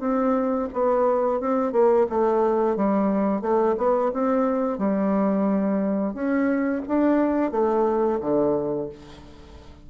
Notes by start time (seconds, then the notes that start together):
0.00 C4
0.73 B3
1.40 C4
1.73 A#3
2.10 A3
2.76 G3
3.42 A3
3.77 B3
4.13 C4
4.79 G3
6.14 C#4
6.88 D4
7.52 A3
8.21 D3